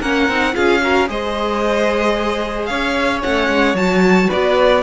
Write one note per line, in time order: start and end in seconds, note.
0.00 0.28 A#3
0.00 0.29 C#4
0.00 0.54 A#4
0.00 0.55 F#5
0.28 0.55 C4
0.28 0.53 D#4
0.53 1.09 C#4
0.53 0.80 F4
0.53 0.81 G#4
0.53 1.08 F5
0.81 1.07 F#4
0.81 1.08 A#4
1.07 2.69 G#3
1.07 3.21 G#4
1.07 2.69 C5
1.07 2.65 D#5
2.65 3.22 C#4
2.65 4.27 C#5
2.65 3.19 F5
3.21 3.48 A3
3.21 3.74 C#4
3.21 3.76 F#5
3.48 3.74 G#3
3.74 4.27 F#3
3.74 4.82 F#4
3.74 4.29 A5
4.27 4.81 B4
4.27 4.82 D5
4.33 4.82 B3